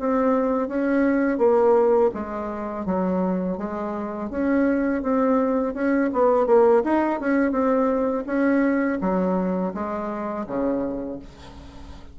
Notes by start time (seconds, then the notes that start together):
0.00 C4
0.68 C#4
1.39 A#3
2.15 G#3
2.86 F#3
3.58 G#3
4.30 C#4
5.03 C4
5.75 C#4
6.13 B3
6.47 A#3
6.84 D#4
7.21 C#4
7.52 C4
8.27 C#4
9.01 F#3
9.74 G#3
10.47 C#3